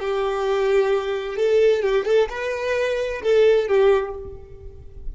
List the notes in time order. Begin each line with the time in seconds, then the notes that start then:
0.00 G4
1.36 A4
1.82 G4
2.05 A4
2.30 B4
3.22 A4
3.68 G4